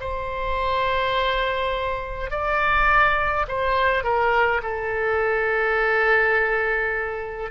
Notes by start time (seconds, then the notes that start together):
0.00 C5
2.31 D5
3.48 C5
4.04 A#4
4.63 A4